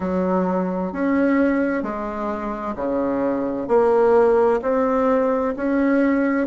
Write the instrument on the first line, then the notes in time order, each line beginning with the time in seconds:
bassoon
0.00 F#3
0.92 C#4
1.82 G#3
2.75 C#3
3.68 A#3
4.62 C4
5.56 C#4